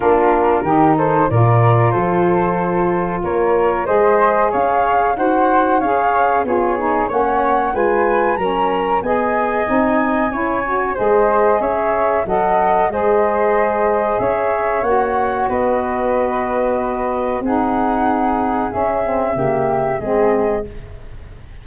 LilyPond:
<<
  \new Staff \with { instrumentName = "flute" } { \time 4/4 \tempo 4 = 93 ais'4. c''8 d''4 c''4~ | c''4 cis''4 dis''4 f''4 | fis''4 f''4 cis''4 fis''4 | gis''4 ais''4 gis''2~ |
gis''4 dis''4 e''4 fis''4 | dis''2 e''4 fis''4 | dis''2. fis''4~ | fis''4 e''2 dis''4 | }
  \new Staff \with { instrumentName = "flute" } { \time 4/4 f'4 g'8 a'8 ais'4 a'4~ | a'4 ais'4 c''4 cis''4 | c''4 cis''4 gis'4 cis''4 | b'4 ais'4 dis''2 |
cis''4 c''4 cis''4 dis''4 | c''2 cis''2 | b'2. gis'4~ | gis'2 g'4 gis'4 | }
  \new Staff \with { instrumentName = "saxophone" } { \time 4/4 d'4 dis'4 f'2~ | f'2 gis'2 | fis'4 gis'4 f'8 dis'8 cis'4 | f'4 cis'4 gis'4 dis'4 |
e'8 fis'8 gis'2 a'4 | gis'2. fis'4~ | fis'2. dis'4~ | dis'4 cis'8 c'8 ais4 c'4 | }
  \new Staff \with { instrumentName = "tuba" } { \time 4/4 ais4 dis4 ais,4 f4~ | f4 ais4 gis4 cis'4 | dis'4 cis'4 b4 ais4 | gis4 fis4 b4 c'4 |
cis'4 gis4 cis'4 fis4 | gis2 cis'4 ais4 | b2. c'4~ | c'4 cis'4 cis4 gis4 | }
>>